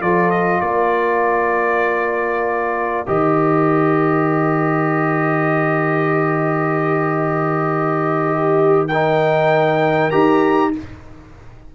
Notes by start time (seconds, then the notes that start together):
0.00 F3 F4 A4 D5
0.30 D#5
0.60 A#3 A#4 D5
3.06 D#3 G4 D#5
8.25 G4
8.88 D#4 A#4 G5
10.10 D#4 G4 A#5